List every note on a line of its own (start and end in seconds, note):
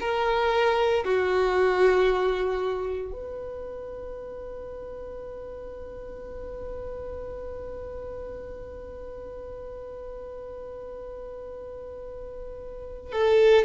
0.00 1.04 A#4
1.04 3.12 F#4
3.12 13.12 B4
13.12 13.64 A4